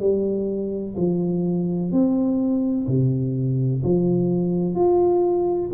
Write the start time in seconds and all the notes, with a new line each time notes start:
0.00 G3
0.97 F3
1.92 C4
2.88 C3
3.84 F3
4.75 F4